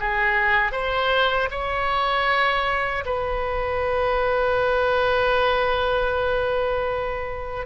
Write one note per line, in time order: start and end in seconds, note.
0.00 0.72 G#4
0.72 1.49 C5
1.50 3.04 C#5
3.06 7.66 B4